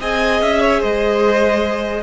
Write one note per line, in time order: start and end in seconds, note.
0.00 0.41 C4
0.00 2.03 G#4
0.00 0.61 D#5
0.00 0.42 G#5
0.42 0.82 C#4
0.42 0.82 E5
0.61 0.80 C#5
0.80 2.03 G#3
0.80 2.02 C5
0.80 2.03 D#5